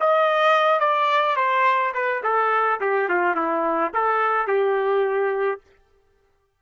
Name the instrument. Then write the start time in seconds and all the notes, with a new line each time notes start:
trumpet
0.00 D#5
0.80 D5
1.36 C5
1.94 B4
2.23 A4
2.80 G4
3.08 F4
3.35 E4
3.94 A4
4.47 G4